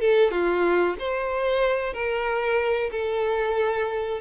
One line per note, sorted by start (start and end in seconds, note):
0.00 0.31 A4
0.31 0.95 F4
0.99 1.93 C5
1.93 2.90 A#4
2.91 4.20 A4